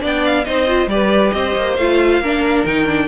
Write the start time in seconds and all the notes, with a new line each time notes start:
0.00 B3 D4 D5 G5
0.25 F5
0.45 C4 D#4 C5 D#5
0.66 F4
0.87 G3 G4 B4 D5
1.31 C4 C5 D#5
1.56 A#3
1.75 A3 F4 F5
2.20 A#3 D4 A#4
2.65 D#3 D#4 G5
2.86 D4